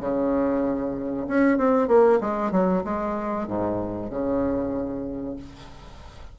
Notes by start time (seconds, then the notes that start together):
0.00 C#3
1.27 C#4
1.58 C4
1.87 A#3
2.20 G#3
2.51 F#3
2.84 G#3
3.47 G#2
4.10 C#3